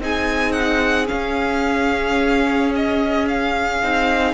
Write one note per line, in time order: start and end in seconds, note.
0.00 1.09 C4
0.00 1.06 D#4
0.00 4.34 G#4
0.00 0.52 G#5
0.52 1.07 F#5
1.06 3.79 C#4
1.06 3.83 C#4
1.06 2.72 F5
2.76 3.28 D#5
3.28 4.34 F5
3.83 4.34 C4
3.83 4.34 D#4